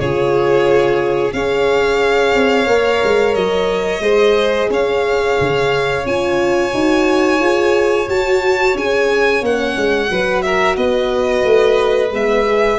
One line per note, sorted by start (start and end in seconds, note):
0.00 1.33 C#3
0.00 1.33 F4
0.00 1.35 G#4
0.00 1.33 C#5
1.33 2.34 C#4
1.33 2.66 G#4
1.33 4.03 C#5
1.33 3.35 F5
2.35 2.67 C4
2.66 3.01 A#3
2.66 4.01 A#4
3.04 3.36 G#3
3.35 4.00 F#3
3.35 4.70 D#5
4.00 4.67 G#3
4.00 6.05 G#4
4.00 4.70 C5
4.70 5.37 C#4
4.70 10.11 C#5
4.70 6.07 F5
5.41 6.06 C#3
6.06 6.73 C#4
6.06 6.72 F4
6.06 8.09 G#5
6.72 7.40 D#4
6.72 7.40 F#4
7.40 8.08 F4
7.40 8.08 G#4
8.08 8.75 F#4
8.08 8.76 F#4
8.08 8.77 A5
8.75 9.42 C#4
8.75 9.43 G#4
8.75 9.45 G#5
9.42 9.76 A#3
9.42 10.08 C#4
9.42 10.43 F#5
9.77 10.11 G#3
10.08 10.77 F#3
10.08 12.10 F#4
10.08 10.45 B4
10.43 10.77 A#4
10.43 10.76 E5
10.77 11.44 B3
10.77 12.79 B4
10.77 12.12 D#5
11.44 12.12 A3
12.12 12.79 G#3
12.12 12.46 B3
12.12 12.79 E5
12.46 12.79 G#4